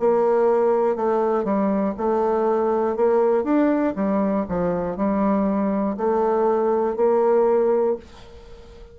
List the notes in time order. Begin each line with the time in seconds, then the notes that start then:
0.00 A#3
0.96 A3
1.45 G3
1.98 A3
2.96 A#3
3.44 D4
3.96 G3
4.49 F3
4.97 G3
5.98 A3
6.97 A#3